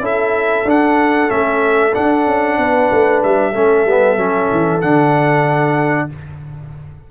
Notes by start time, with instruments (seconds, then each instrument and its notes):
0.00 tuba C#4, trombone E4, horn A4, trumpet E5
0.65 tuba D4, trombone D4, trumpet F#5
1.28 tuba A3, trombone C#4, trumpet E5
1.94 trombone D4, tuba D4, trumpet F#5
2.26 tuba C#4
2.58 tuba B3, horn B4
2.92 tuba A3
3.23 tuba G3, trumpet E5
3.53 tuba A3, trombone C#4, horn A4
3.85 tuba G3, trombone B3
4.17 tuba F#3, trombone C#4
4.52 tuba E3
4.81 tuba D3, trombone D4, trumpet F#5